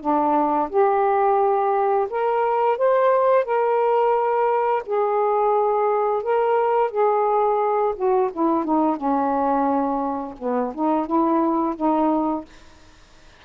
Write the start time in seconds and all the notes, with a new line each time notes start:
0.00 D4
0.69 G4
2.10 A#4
2.77 C5
3.45 A#4
4.86 G#4
6.22 A#4
6.91 G#4
7.95 F#4
8.33 E4
8.64 D#4
8.96 C#4
10.39 B3
10.74 D#4
11.06 E4
11.76 D#4